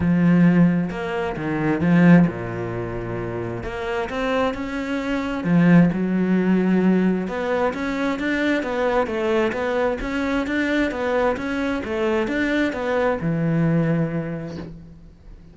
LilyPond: \new Staff \with { instrumentName = "cello" } { \time 4/4 \tempo 4 = 132 f2 ais4 dis4 | f4 ais,2. | ais4 c'4 cis'2 | f4 fis2. |
b4 cis'4 d'4 b4 | a4 b4 cis'4 d'4 | b4 cis'4 a4 d'4 | b4 e2. | }